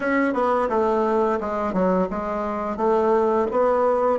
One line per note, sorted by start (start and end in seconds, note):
0.00 0.33 C#4
0.33 0.68 B3
0.69 1.39 A3
1.40 1.73 G#3
1.73 2.08 F#3
2.10 2.77 G#3
2.77 3.46 A3
3.51 4.19 B3